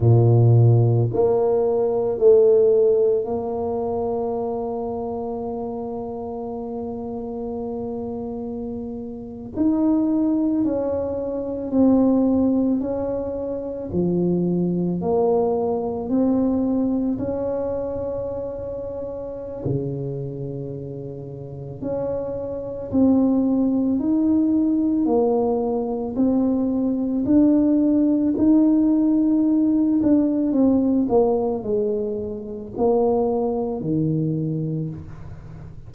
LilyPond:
\new Staff \with { instrumentName = "tuba" } { \time 4/4 \tempo 4 = 55 ais,4 ais4 a4 ais4~ | ais1~ | ais8. dis'4 cis'4 c'4 cis'16~ | cis'8. f4 ais4 c'4 cis'16~ |
cis'2 cis2 | cis'4 c'4 dis'4 ais4 | c'4 d'4 dis'4. d'8 | c'8 ais8 gis4 ais4 dis4 | }